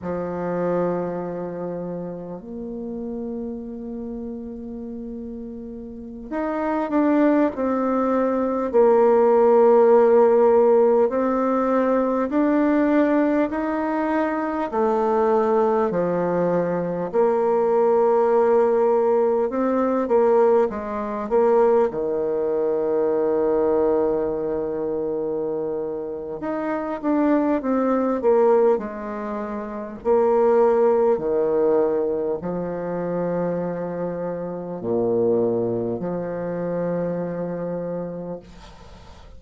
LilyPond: \new Staff \with { instrumentName = "bassoon" } { \time 4/4 \tempo 4 = 50 f2 ais2~ | ais4~ ais16 dis'8 d'8 c'4 ais8.~ | ais4~ ais16 c'4 d'4 dis'8.~ | dis'16 a4 f4 ais4.~ ais16~ |
ais16 c'8 ais8 gis8 ais8 dis4.~ dis16~ | dis2 dis'8 d'8 c'8 ais8 | gis4 ais4 dis4 f4~ | f4 ais,4 f2 | }